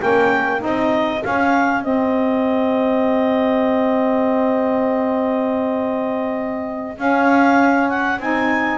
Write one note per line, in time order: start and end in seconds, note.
0.00 0.63 A#3
0.00 0.58 C#4
0.00 0.61 A#4
0.00 0.62 G5
0.58 1.24 C4
0.58 1.19 D#4
0.58 8.78 G#4
0.65 1.24 D#5
1.24 1.82 C#4
1.24 1.86 C#4
1.24 1.84 F5
1.82 6.99 G#3
1.82 6.97 C4
1.82 6.99 D#5
6.97 8.18 C#4
6.97 8.20 C#4
6.97 7.90 F5
7.90 8.20 F#5
8.20 8.78 C4
8.20 8.78 D#4
8.20 8.78 G#5